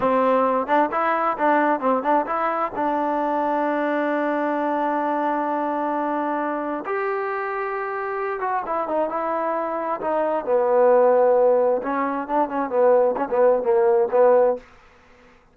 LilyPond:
\new Staff \with { instrumentName = "trombone" } { \time 4/4 \tempo 4 = 132 c'4. d'8 e'4 d'4 | c'8 d'8 e'4 d'2~ | d'1~ | d'2. g'4~ |
g'2~ g'8 fis'8 e'8 dis'8 | e'2 dis'4 b4~ | b2 cis'4 d'8 cis'8 | b4 cis'16 b8. ais4 b4 | }